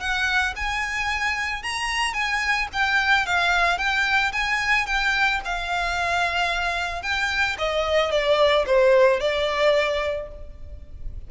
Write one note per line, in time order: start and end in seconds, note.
0.00 0.54 F#5
0.56 1.63 G#5
1.63 2.14 A#5
2.14 2.68 G#5
2.73 3.26 G5
3.26 3.78 F5
3.78 4.32 G5
4.32 4.86 G#5
4.86 5.40 G5
5.45 7.02 F5
7.02 7.57 G5
7.58 8.11 D#5
8.11 8.65 D5
8.67 9.20 C5
9.20 10.28 D5